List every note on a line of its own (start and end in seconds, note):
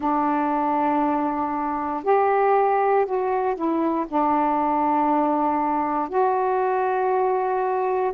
0.00 2.03 D4
2.03 3.05 G4
3.05 3.55 F#4
3.55 4.05 E4
4.07 6.08 D4
6.08 8.12 F#4